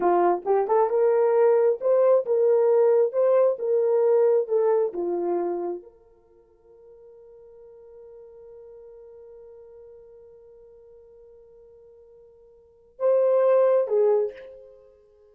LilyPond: \new Staff \with { instrumentName = "horn" } { \time 4/4 \tempo 4 = 134 f'4 g'8 a'8 ais'2 | c''4 ais'2 c''4 | ais'2 a'4 f'4~ | f'4 ais'2.~ |
ais'1~ | ais'1~ | ais'1~ | ais'4 c''2 gis'4 | }